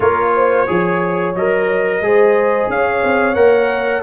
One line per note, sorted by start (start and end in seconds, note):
0.00 0.67 A#3
0.00 0.67 F4
0.00 0.32 A#4
0.00 1.35 C#5
0.35 0.67 C5
0.67 1.35 F3
0.67 1.34 G#4
0.67 2.01 C#5
1.35 2.00 F#3
1.35 2.02 A#4
1.35 2.70 D#5
2.00 2.68 G#3
2.00 3.35 G#4
2.00 2.71 C5
2.69 3.02 C#4
2.69 4.02 C#5
2.69 3.34 F5
3.03 3.35 C4
3.34 4.02 A#3
3.34 4.02 A#4
3.34 4.02 F#5